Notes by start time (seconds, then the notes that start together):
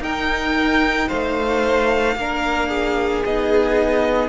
0.00 D#4 A#4 G5
1.08 A3 C5 F5
2.16 A#3 D4 A#4
2.69 G#4
3.25 B3 D#4 D#5